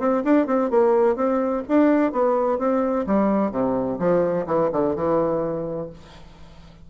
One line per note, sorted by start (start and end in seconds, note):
0.00 0.24 C4
0.25 0.47 D4
0.47 0.71 C4
0.71 1.16 A#3
1.16 1.64 C4
1.69 2.13 D4
2.13 2.59 B3
2.59 3.06 C4
3.07 3.52 G3
3.52 3.99 C3
3.99 4.47 F3
4.47 4.71 E3
4.73 4.96 D3
4.96 5.90 E3